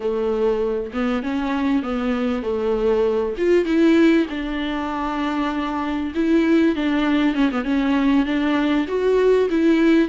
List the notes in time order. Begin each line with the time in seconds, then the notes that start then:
0.00 A3
0.93 B3
1.22 C#4
1.82 B3
2.42 A3
3.37 F4
3.65 E4
4.29 D4
6.14 E4
6.75 D4
7.34 C#4
7.51 B3
7.64 C#4
8.25 D4
8.87 F#4
9.50 E4